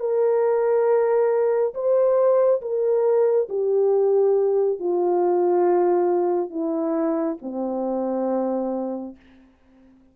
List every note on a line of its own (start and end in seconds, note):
0.00 1.74 A#4
1.74 2.61 C5
2.62 3.49 A#4
3.49 4.79 G4
4.79 6.51 F4
6.51 7.38 E4
7.42 9.16 C4